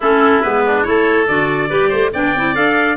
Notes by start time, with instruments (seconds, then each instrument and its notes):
0.00 tuba A3, clarinet C#4, oboe E4, trumpet A4
0.41 tuba G#3, clarinet B3, trumpet B4
0.65 oboe D4
0.83 tuba A3, clarinet E4, oboe A4, trumpet C#5
1.27 tuba D3, clarinet F#4, trumpet D5
1.69 tuba G3, clarinet G4, oboe B4
1.89 tuba A3, oboe C5
2.13 tuba B3, clarinet D4, oboe D5, trumpet G5
2.34 tuba C4, clarinet E4
2.54 tuba D4, clarinet A4, trumpet F5